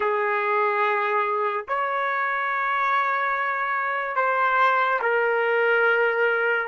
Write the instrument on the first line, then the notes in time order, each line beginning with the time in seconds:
trumpet
0.00 G#4
1.68 C#5
4.16 C5
5.02 A#4